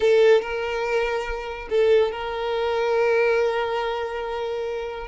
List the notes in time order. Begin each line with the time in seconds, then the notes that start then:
0.00 A4
0.41 A#4
1.69 A4
2.11 A#4